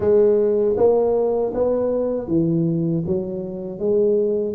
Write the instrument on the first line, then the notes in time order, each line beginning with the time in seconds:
tuba
0.00 G#3
0.76 A#3
1.54 B3
2.27 E3
3.06 F#3
3.79 G#3